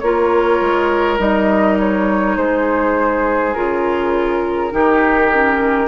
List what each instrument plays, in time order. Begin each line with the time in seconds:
0.00 bassoon A#3, clarinet F4, oboe A#4, flute C#5
0.61 bassoon G#3
1.19 bassoon G3, clarinet D#4, flute D#5
1.79 flute C#5
2.37 bassoon G#3, oboe G#4, flute C5
3.54 bassoon C#3, clarinet F4, flute A#4
4.71 bassoon D#3, clarinet D#4, oboe G4
5.33 clarinet C#4